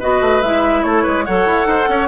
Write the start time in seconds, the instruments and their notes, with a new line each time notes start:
0.00 bassoon B3, clarinet F#4, oboe B4, flute D#5
0.21 bassoon A3
0.42 bassoon G#3, clarinet E4, flute E5
0.83 bassoon A3, oboe A4, flute C#5
1.03 bassoon G#3, oboe B4
1.25 bassoon F#3, clarinet A4, oboe C#5, flute F#5
1.46 bassoon E4
1.66 bassoon D#4, oboe C5
1.88 bassoon C#4, oboe C#5